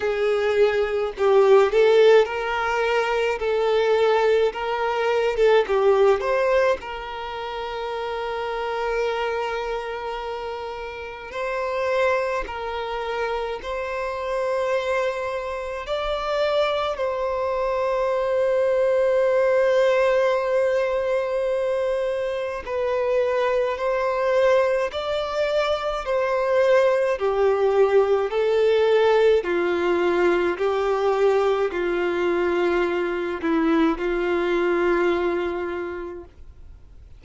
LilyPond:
\new Staff \with { instrumentName = "violin" } { \time 4/4 \tempo 4 = 53 gis'4 g'8 a'8 ais'4 a'4 | ais'8. a'16 g'8 c''8 ais'2~ | ais'2 c''4 ais'4 | c''2 d''4 c''4~ |
c''1 | b'4 c''4 d''4 c''4 | g'4 a'4 f'4 g'4 | f'4. e'8 f'2 | }